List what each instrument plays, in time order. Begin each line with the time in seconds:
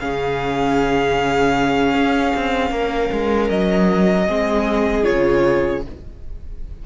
0.00 cello C#3, viola C#4, violin G#4 F5
1.94 cello C#4
2.36 cello C4
2.71 cello A#3, violin A#4
3.12 cello G#3
3.49 cello F#3, violin D#5
4.27 cello G#3, viola C4, violin G#4
5.04 cello C#3, viola F4, violin C#5